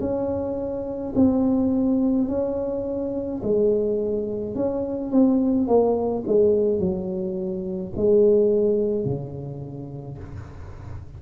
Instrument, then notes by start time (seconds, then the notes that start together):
tuba
0.00 C#4
1.15 C4
2.28 C#4
3.43 G#3
4.55 C#4
5.10 C4
5.67 A#3
6.27 G#3
6.79 F#3
7.96 G#3
9.05 C#3